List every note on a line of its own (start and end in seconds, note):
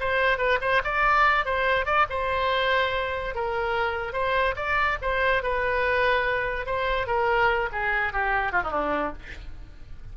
0.00 0.38 C5
0.38 0.59 B4
0.61 0.82 C5
0.84 1.45 D5
1.45 1.86 C5
1.86 2.06 D5
2.10 3.35 C5
3.35 4.13 A#4
4.13 4.55 C5
4.56 4.98 D5
5.02 5.43 C5
5.43 6.66 B4
6.66 7.07 C5
7.07 7.69 A#4
7.72 8.13 G#4
8.13 8.52 G4
8.52 8.62 F4
8.63 8.71 D#4
8.71 9.13 D4